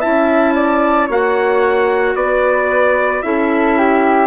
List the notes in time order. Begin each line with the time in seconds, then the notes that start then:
0.00 C#4 E4 E5 A5
0.55 D5
1.07 A#3 F#4 C#5 F#5
2.15 B3 B4 D5
3.23 C#4 E4 A4 E5
3.79 G4